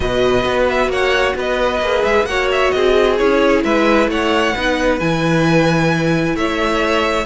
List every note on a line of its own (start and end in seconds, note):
0.00 0.44 B2
0.00 1.81 F#4
0.00 0.90 B4
0.00 0.66 D#5
0.44 0.88 B3
0.69 0.91 E5
0.88 1.33 A#3
0.88 1.36 C#5
0.88 1.37 F#5
1.35 1.80 B3
1.35 2.28 B4
1.35 2.04 D#5
1.81 2.03 A#3
1.81 2.28 G#4
2.04 2.24 G#3
2.04 2.25 E5
2.24 2.70 A#3
2.24 3.19 F#4
2.24 2.74 C#5
2.24 2.48 F#5
2.51 2.71 E5
2.71 3.20 C4
2.71 3.64 G#4
2.71 3.16 D#5
3.18 3.64 C#4
3.18 4.55 E4
3.18 3.63 C#5
3.64 4.07 G#3
3.64 4.09 B4
3.64 4.09 E5
4.07 4.52 A3
4.07 4.54 C#5
4.07 4.99 F#5
4.54 5.00 B3
4.54 4.99 D#4
4.54 6.36 B4
4.99 6.34 E3
4.99 7.25 E4
4.99 6.36 G#5
6.34 7.25 A3
6.34 7.25 C#5
6.34 7.25 E5